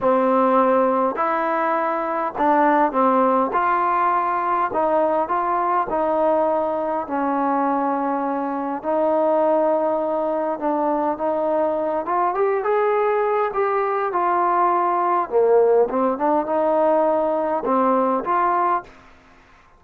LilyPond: \new Staff \with { instrumentName = "trombone" } { \time 4/4 \tempo 4 = 102 c'2 e'2 | d'4 c'4 f'2 | dis'4 f'4 dis'2 | cis'2. dis'4~ |
dis'2 d'4 dis'4~ | dis'8 f'8 g'8 gis'4. g'4 | f'2 ais4 c'8 d'8 | dis'2 c'4 f'4 | }